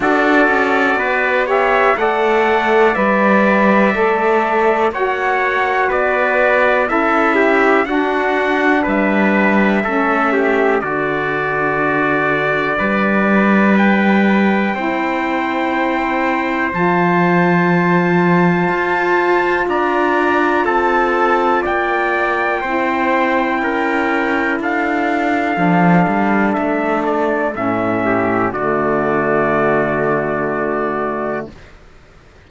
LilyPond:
<<
  \new Staff \with { instrumentName = "trumpet" } { \time 4/4 \tempo 4 = 61 d''4. e''8 fis''4 e''4~ | e''4 fis''4 d''4 e''4 | fis''4 e''2 d''4~ | d''2 g''2~ |
g''4 a''2. | ais''4 a''4 g''2~ | g''4 f''2 e''8 d''8 | e''4 d''2. | }
  \new Staff \with { instrumentName = "trumpet" } { \time 4/4 a'4 b'8 cis''8 d''2~ | d''4 cis''4 b'4 a'8 g'8 | fis'4 b'4 a'8 g'8 fis'4~ | fis'4 b'2 c''4~ |
c''1 | d''4 a'4 d''4 c''4 | ais'4 a'2.~ | a'8 g'8 fis'2. | }
  \new Staff \with { instrumentName = "saxophone" } { \time 4/4 fis'4. g'8 a'4 b'4 | a'4 fis'2 e'4 | d'2 cis'4 d'4~ | d'2. e'4~ |
e'4 f'2.~ | f'2. e'4~ | e'2 d'2 | cis'4 a2. | }
  \new Staff \with { instrumentName = "cello" } { \time 4/4 d'8 cis'8 b4 a4 g4 | a4 ais4 b4 cis'4 | d'4 g4 a4 d4~ | d4 g2 c'4~ |
c'4 f2 f'4 | d'4 c'4 ais4 c'4 | cis'4 d'4 f8 g8 a4 | a,4 d2. | }
>>